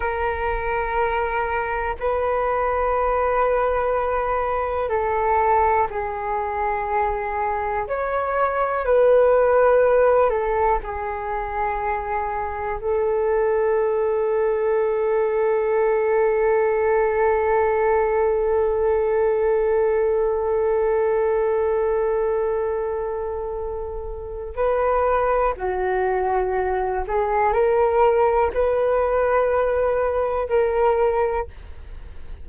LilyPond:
\new Staff \with { instrumentName = "flute" } { \time 4/4 \tempo 4 = 61 ais'2 b'2~ | b'4 a'4 gis'2 | cis''4 b'4. a'8 gis'4~ | gis'4 a'2.~ |
a'1~ | a'1~ | a'4 b'4 fis'4. gis'8 | ais'4 b'2 ais'4 | }